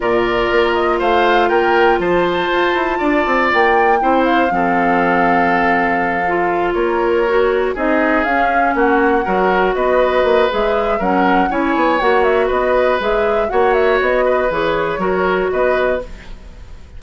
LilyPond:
<<
  \new Staff \with { instrumentName = "flute" } { \time 4/4 \tempo 4 = 120 d''4. dis''8 f''4 g''4 | a''2. g''4~ | g''8 f''2.~ f''8~ | f''4. cis''2 dis''8~ |
dis''8 f''4 fis''2 dis''8~ | dis''4 e''4 fis''4 gis''4 | fis''8 e''8 dis''4 e''4 fis''8 e''8 | dis''4 cis''2 dis''4 | }
  \new Staff \with { instrumentName = "oboe" } { \time 4/4 ais'2 c''4 ais'4 | c''2 d''2 | c''4 a'2.~ | a'4. ais'2 gis'8~ |
gis'4. fis'4 ais'4 b'8~ | b'2 ais'4 cis''4~ | cis''4 b'2 cis''4~ | cis''8 b'4. ais'4 b'4 | }
  \new Staff \with { instrumentName = "clarinet" } { \time 4/4 f'1~ | f'1 | e'4 c'2.~ | c'8 f'2 fis'4 dis'8~ |
dis'8 cis'2 fis'4.~ | fis'4 gis'4 cis'4 e'4 | fis'2 gis'4 fis'4~ | fis'4 gis'4 fis'2 | }
  \new Staff \with { instrumentName = "bassoon" } { \time 4/4 ais,4 ais4 a4 ais4 | f4 f'8 e'8 d'8 c'8 ais4 | c'4 f2.~ | f4. ais2 c'8~ |
c'8 cis'4 ais4 fis4 b8~ | b8 ais8 gis4 fis4 cis'8 b8 | ais4 b4 gis4 ais4 | b4 e4 fis4 b4 | }
>>